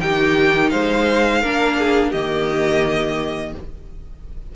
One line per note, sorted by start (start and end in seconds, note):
0.00 0.72 D#3
0.00 1.43 D#4
0.00 0.71 G4
0.00 0.69 G5
0.69 1.42 G#3
0.69 1.41 C5
0.69 2.11 F5
1.41 2.13 A#3
1.41 2.14 D4
1.41 1.76 A#4
1.78 2.10 G#4
2.10 3.54 D#3
2.10 3.55 A#3
2.10 3.51 G4
2.10 3.52 D#5